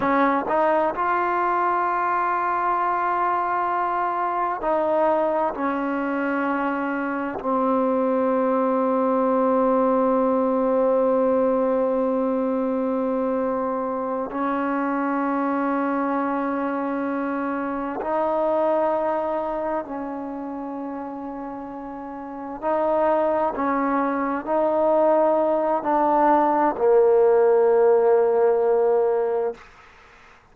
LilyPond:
\new Staff \with { instrumentName = "trombone" } { \time 4/4 \tempo 4 = 65 cis'8 dis'8 f'2.~ | f'4 dis'4 cis'2 | c'1~ | c'2.~ c'8 cis'8~ |
cis'2.~ cis'8 dis'8~ | dis'4. cis'2~ cis'8~ | cis'8 dis'4 cis'4 dis'4. | d'4 ais2. | }